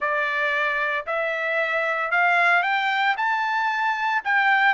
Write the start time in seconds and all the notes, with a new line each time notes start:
0.00 D5
1.06 E5
2.11 F5
2.63 G5
3.17 A5
4.24 G5